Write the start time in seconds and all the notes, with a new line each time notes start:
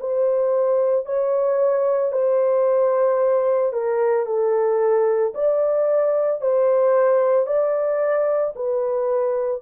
0.00 C5
1.05 C#5
2.12 C5
3.73 A#4
4.26 A4
5.34 D5
6.41 C5
7.46 D5
8.55 B4